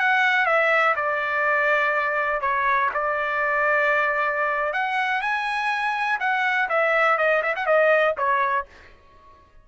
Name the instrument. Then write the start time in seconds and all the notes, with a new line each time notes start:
trumpet
0.00 F#5
0.46 E5
0.96 D5
2.41 C#5
2.94 D5
4.73 F#5
5.22 G#5
6.20 F#5
6.70 E5
7.18 D#5
7.43 E5
7.56 F#5
7.67 D#5
8.18 C#5